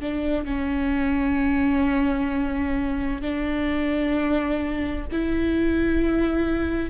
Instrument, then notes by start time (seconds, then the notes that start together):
viola
0.00 D4
0.45 C#4
3.21 D4
5.12 E4